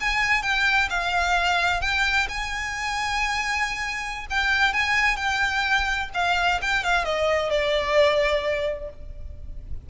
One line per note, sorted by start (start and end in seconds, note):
0.00 0.42 G#5
0.42 0.89 G5
0.89 1.81 F5
1.81 2.27 G5
2.29 4.26 G#5
4.30 4.73 G5
4.73 5.16 G#5
5.16 6.09 G5
6.14 6.60 F5
6.61 6.83 G5
6.83 7.04 F5
7.04 7.50 D#5
7.50 8.89 D5